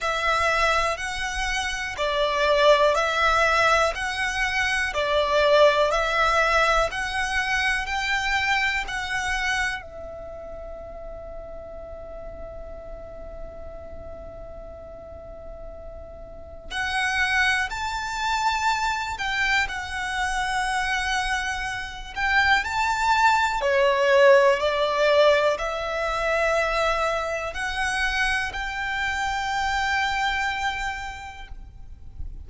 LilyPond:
\new Staff \with { instrumentName = "violin" } { \time 4/4 \tempo 4 = 61 e''4 fis''4 d''4 e''4 | fis''4 d''4 e''4 fis''4 | g''4 fis''4 e''2~ | e''1~ |
e''4 fis''4 a''4. g''8 | fis''2~ fis''8 g''8 a''4 | cis''4 d''4 e''2 | fis''4 g''2. | }